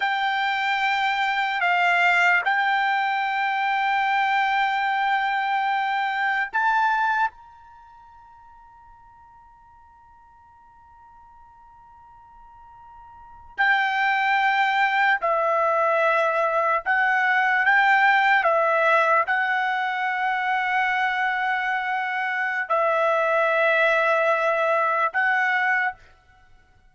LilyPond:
\new Staff \with { instrumentName = "trumpet" } { \time 4/4 \tempo 4 = 74 g''2 f''4 g''4~ | g''1 | a''4 ais''2.~ | ais''1~ |
ais''8. g''2 e''4~ e''16~ | e''8. fis''4 g''4 e''4 fis''16~ | fis''1 | e''2. fis''4 | }